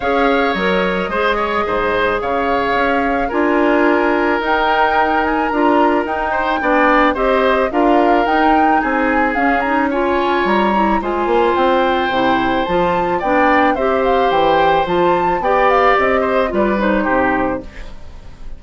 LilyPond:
<<
  \new Staff \with { instrumentName = "flute" } { \time 4/4 \tempo 4 = 109 f''4 dis''2. | f''2 gis''2 | g''4. gis''8 ais''4 g''4~ | g''4 dis''4 f''4 g''4 |
gis''4 f''8 ais''8 gis''4 ais''4 | gis''4 g''2 a''4 | g''4 e''8 f''8 g''4 a''4 | g''8 f''8 dis''4 d''8 c''4. | }
  \new Staff \with { instrumentName = "oboe" } { \time 4/4 cis''2 c''8 cis''8 c''4 | cis''2 ais'2~ | ais'2.~ ais'8 c''8 | d''4 c''4 ais'2 |
gis'2 cis''2 | c''1 | d''4 c''2. | d''4. c''8 b'4 g'4 | }
  \new Staff \with { instrumentName = "clarinet" } { \time 4/4 gis'4 ais'4 gis'2~ | gis'2 f'2 | dis'2 f'4 dis'4 | d'4 g'4 f'4 dis'4~ |
dis'4 cis'8 dis'8 f'4. e'8 | f'2 e'4 f'4 | d'4 g'2 f'4 | g'2 f'8 dis'4. | }
  \new Staff \with { instrumentName = "bassoon" } { \time 4/4 cis'4 fis4 gis4 gis,4 | cis4 cis'4 d'2 | dis'2 d'4 dis'4 | b4 c'4 d'4 dis'4 |
c'4 cis'2 g4 | gis8 ais8 c'4 c4 f4 | b4 c'4 e4 f4 | b4 c'4 g4 c4 | }
>>